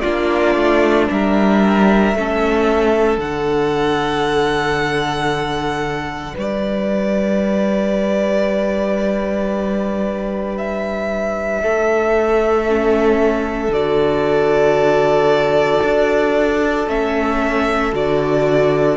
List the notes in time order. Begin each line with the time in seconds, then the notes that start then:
0.00 A#3 D4 F4 D5
0.55 A3
1.10 G3 A#4 E5
2.14 A3 C#4 A4
3.17 D3 D4 F#5
6.34 G3 B4 D5
10.57 E5
11.62 A3 A4
12.68 C#4
13.68 D3 F#4 D5
15.83 D4
16.87 A3 C#4 E5
17.92 D3 F#4 D5